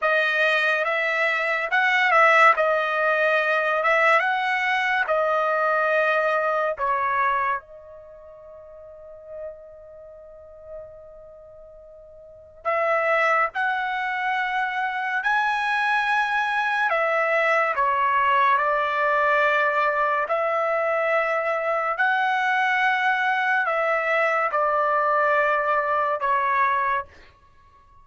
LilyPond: \new Staff \with { instrumentName = "trumpet" } { \time 4/4 \tempo 4 = 71 dis''4 e''4 fis''8 e''8 dis''4~ | dis''8 e''8 fis''4 dis''2 | cis''4 dis''2.~ | dis''2. e''4 |
fis''2 gis''2 | e''4 cis''4 d''2 | e''2 fis''2 | e''4 d''2 cis''4 | }